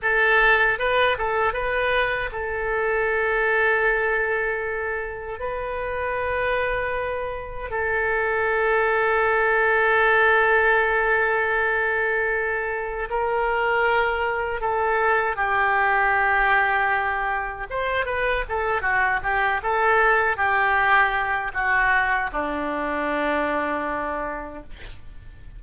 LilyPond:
\new Staff \with { instrumentName = "oboe" } { \time 4/4 \tempo 4 = 78 a'4 b'8 a'8 b'4 a'4~ | a'2. b'4~ | b'2 a'2~ | a'1~ |
a'4 ais'2 a'4 | g'2. c''8 b'8 | a'8 fis'8 g'8 a'4 g'4. | fis'4 d'2. | }